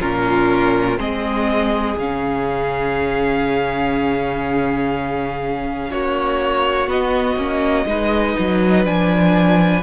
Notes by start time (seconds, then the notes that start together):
0.00 A#2 C#4 F4 A#4
0.98 G#3 C4 G#4 D#5
1.97 C#3 C#4 F5
5.90 A#3 F#4 C#5
6.87 B3 D#5
7.36 A#3 C#4
7.86 G#3 D#4 B4
8.39 F#3
8.84 F3 D4 G#5